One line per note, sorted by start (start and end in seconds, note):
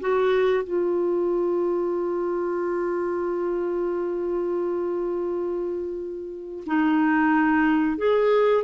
0.00 0.64 F#4
0.64 6.64 F4
6.66 7.97 D#4
7.97 8.64 G#4